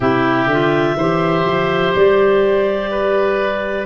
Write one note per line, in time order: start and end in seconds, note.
0.00 0.46 C3
0.00 0.49 E4
0.00 0.96 G4
0.00 1.94 E5
0.46 0.95 D3
0.46 0.99 F4
0.96 1.44 E3
0.96 3.86 G4
0.96 2.90 C5
1.45 1.93 F3
1.95 3.86 G3
1.95 3.86 D5
2.90 3.86 B4